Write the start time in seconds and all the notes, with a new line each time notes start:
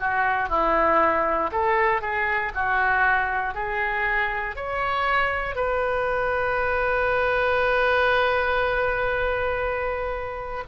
0.00 F#4
0.49 E4
1.52 A4
2.02 G#4
2.55 F#4
3.55 G#4
4.57 C#5
5.56 B4